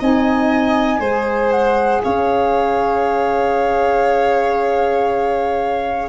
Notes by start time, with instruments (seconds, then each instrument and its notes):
0.00 tuba C4, saxophone D#4, violin D#5, flute G#5
1.00 tuba G#3, saxophone G#4, violin C5
1.51 flute F#5
2.04 tuba C#4, violin C#5, flute F5